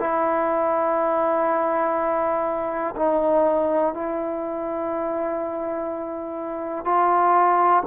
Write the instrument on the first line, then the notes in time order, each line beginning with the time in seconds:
trombone
0.00 E4
2.96 D#4
3.94 E4
6.85 F4